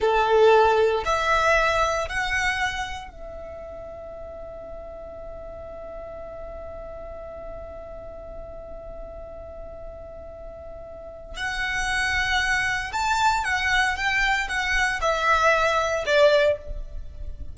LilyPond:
\new Staff \with { instrumentName = "violin" } { \time 4/4 \tempo 4 = 116 a'2 e''2 | fis''2 e''2~ | e''1~ | e''1~ |
e''1~ | e''2 fis''2~ | fis''4 a''4 fis''4 g''4 | fis''4 e''2 d''4 | }